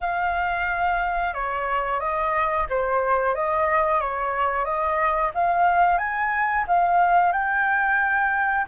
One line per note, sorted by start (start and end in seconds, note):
0.00 1.33 F5
1.33 2.00 C#5
2.00 2.66 D#5
2.69 3.35 C5
3.35 4.00 D#5
4.00 4.64 C#5
4.64 5.31 D#5
5.34 5.98 F5
5.98 6.65 G#5
6.67 7.32 F5
7.32 8.65 G5